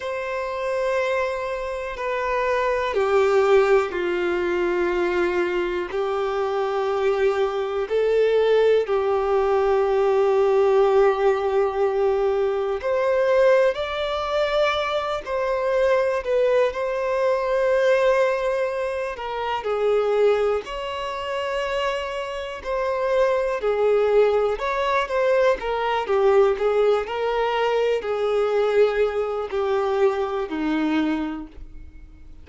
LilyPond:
\new Staff \with { instrumentName = "violin" } { \time 4/4 \tempo 4 = 61 c''2 b'4 g'4 | f'2 g'2 | a'4 g'2.~ | g'4 c''4 d''4. c''8~ |
c''8 b'8 c''2~ c''8 ais'8 | gis'4 cis''2 c''4 | gis'4 cis''8 c''8 ais'8 g'8 gis'8 ais'8~ | ais'8 gis'4. g'4 dis'4 | }